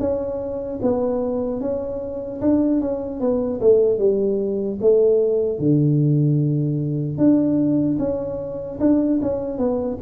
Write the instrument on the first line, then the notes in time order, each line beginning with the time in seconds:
tuba
0.00 C#4
0.82 B3
1.61 C#4
2.41 D4
2.81 C#4
3.21 B3
3.61 A3
3.99 G3
4.81 A3
5.59 D3
7.18 D4
7.99 C#4
8.80 D4
9.22 C#4
9.59 B3